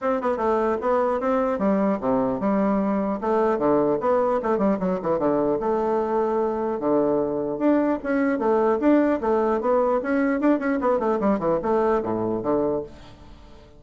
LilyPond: \new Staff \with { instrumentName = "bassoon" } { \time 4/4 \tempo 4 = 150 c'8 b8 a4 b4 c'4 | g4 c4 g2 | a4 d4 b4 a8 g8 | fis8 e8 d4 a2~ |
a4 d2 d'4 | cis'4 a4 d'4 a4 | b4 cis'4 d'8 cis'8 b8 a8 | g8 e8 a4 a,4 d4 | }